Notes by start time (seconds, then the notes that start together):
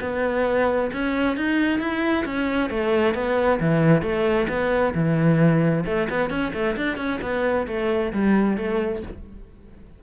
0.00 B3
0.92 C#4
1.37 D#4
1.79 E4
2.25 C#4
2.69 A3
3.14 B3
3.60 E3
4.02 A3
4.48 B3
4.94 E3
5.85 A3
6.09 B3
6.30 C#4
6.53 A3
6.76 D4
6.97 C#4
7.21 B3
7.67 A3
8.12 G3
8.57 A3